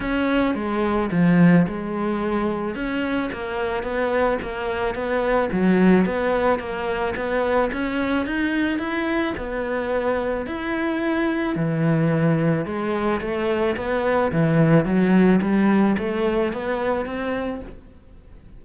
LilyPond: \new Staff \with { instrumentName = "cello" } { \time 4/4 \tempo 4 = 109 cis'4 gis4 f4 gis4~ | gis4 cis'4 ais4 b4 | ais4 b4 fis4 b4 | ais4 b4 cis'4 dis'4 |
e'4 b2 e'4~ | e'4 e2 gis4 | a4 b4 e4 fis4 | g4 a4 b4 c'4 | }